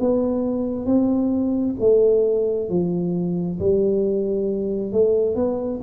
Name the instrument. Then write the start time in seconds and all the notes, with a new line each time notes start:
tuba
0.00 B3
0.86 C4
1.80 A3
2.69 F3
3.59 G3
4.92 A3
5.36 B3